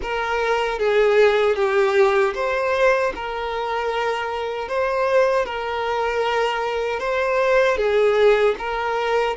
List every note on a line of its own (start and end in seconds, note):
0.01 0.78 A#4
0.78 1.55 G#4
1.55 2.33 G4
2.34 3.12 C5
3.15 4.68 A#4
4.68 5.45 C5
5.45 7.00 A#4
7.00 7.77 C5
7.77 8.55 G#4
8.58 9.36 A#4